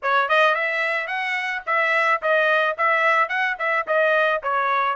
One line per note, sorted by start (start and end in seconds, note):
0.02 0.28 C#5
0.28 0.54 D#5
0.54 1.07 E5
1.07 1.62 F#5
1.66 2.21 E5
2.21 2.76 D#5
2.77 3.29 E5
3.29 3.56 F#5
3.58 3.86 E5
3.87 4.42 D#5
4.42 4.96 C#5